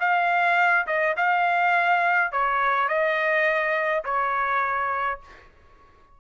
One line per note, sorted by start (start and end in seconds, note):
0.00 0.87 F5
0.87 1.16 D#5
1.17 2.32 F5
2.32 2.88 C#5
2.88 4.04 D#5
4.05 5.20 C#5